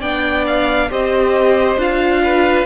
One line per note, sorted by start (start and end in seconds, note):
0.00 0.90 B3
0.00 0.89 D4
0.00 0.88 D5
0.00 0.45 G5
0.46 0.90 F5
0.89 1.76 C4
0.89 1.78 G4
0.89 2.22 C5
0.89 1.80 D#5
1.76 2.64 D4
1.76 2.65 F4
1.76 2.65 F5
2.23 2.65 B4